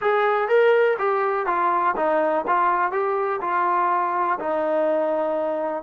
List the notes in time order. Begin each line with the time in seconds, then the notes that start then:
0.01 G#4
0.48 A#4
0.98 G4
1.46 F4
1.96 D#4
2.47 F4
2.91 G4
3.41 F4
4.39 D#4